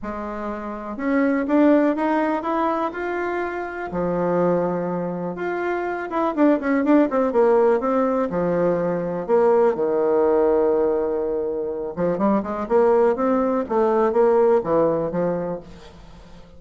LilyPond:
\new Staff \with { instrumentName = "bassoon" } { \time 4/4 \tempo 4 = 123 gis2 cis'4 d'4 | dis'4 e'4 f'2 | f2. f'4~ | f'8 e'8 d'8 cis'8 d'8 c'8 ais4 |
c'4 f2 ais4 | dis1~ | dis8 f8 g8 gis8 ais4 c'4 | a4 ais4 e4 f4 | }